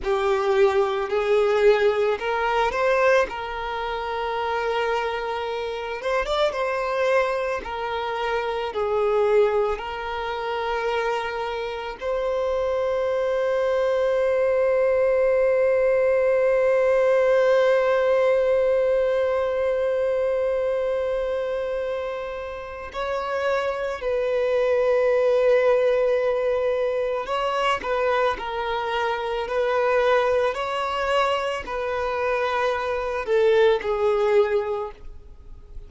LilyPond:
\new Staff \with { instrumentName = "violin" } { \time 4/4 \tempo 4 = 55 g'4 gis'4 ais'8 c''8 ais'4~ | ais'4. c''16 d''16 c''4 ais'4 | gis'4 ais'2 c''4~ | c''1~ |
c''1~ | c''4 cis''4 b'2~ | b'4 cis''8 b'8 ais'4 b'4 | cis''4 b'4. a'8 gis'4 | }